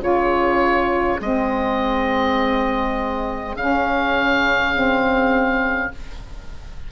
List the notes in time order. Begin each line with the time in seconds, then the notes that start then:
0.00 C#3 F4 G#4 C#5
1.20 G#3 C4 D#5
3.55 C#3 C#4 F5
4.74 C4